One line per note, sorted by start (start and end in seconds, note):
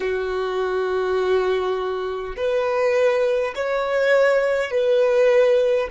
0.00 2.35 F#4
2.36 3.53 B4
3.55 4.71 C#5
4.71 5.88 B4